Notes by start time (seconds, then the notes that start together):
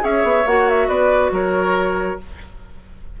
0.00 C#4 G#4 C#5 E5
0.23 B3
0.45 A#3 F#4 F#5
0.68 E5
0.87 B3 B4 D5
1.31 F#3 A#4 C#5